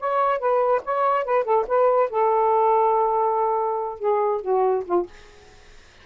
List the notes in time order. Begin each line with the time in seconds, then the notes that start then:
0.00 C#5
0.39 B4
0.85 C#5
1.25 B4
1.44 A4
1.68 B4
2.10 A4
3.99 G#4
4.42 F#4
4.86 F4